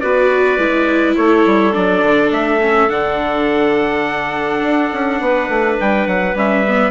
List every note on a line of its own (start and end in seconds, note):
0.00 0.58 B3
0.00 0.59 F#4
0.00 1.16 B4
0.00 1.15 D5
0.58 1.16 G#3
0.58 1.73 E4
1.16 1.46 A3
1.16 5.21 A4
1.16 1.74 C#5
1.46 1.75 G3
1.73 2.03 F#3
1.73 2.59 D4
1.73 2.32 D5
2.03 2.32 D3
2.32 2.90 A3
2.32 2.90 E5
2.61 2.89 C#4
2.89 4.62 D3
2.89 6.35 D4
2.89 5.78 F#5
4.62 4.91 D4
4.93 5.21 C#4
5.21 5.49 B3
5.21 6.92 B4
5.49 5.78 A3
5.80 6.07 G3
5.80 6.08 G5
6.07 6.35 F#3
6.07 6.37 F#5
6.35 6.92 G3
6.35 6.65 C#4
6.35 6.92 E5
6.68 6.92 B3